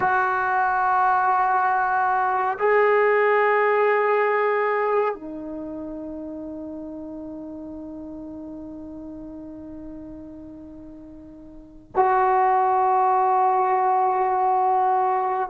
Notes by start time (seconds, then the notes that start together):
0.00 F#4
2.58 G#4
5.14 D#4
11.95 F#4